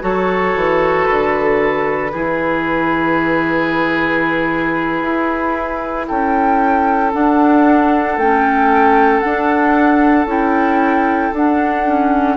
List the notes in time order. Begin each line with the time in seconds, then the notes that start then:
0.00 F#3 F#4 A4 C#5
0.55 E3
1.06 D3 B4
2.12 E3 E4 G#4
5.02 E4
6.07 C#4 A4 G5
7.13 D4 F#5
8.17 A3 C#4 G5
9.20 D4 F#5
10.26 C#4 E4 G5
11.33 D4 F#5
11.86 C#4